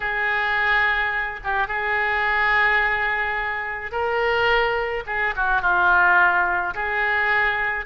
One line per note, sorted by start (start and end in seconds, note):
0.00 1.40 G#4
1.44 1.67 G4
1.67 3.91 G#4
3.91 5.03 A#4
5.06 5.34 G#4
5.36 5.61 F#4
5.61 6.73 F4
6.74 7.85 G#4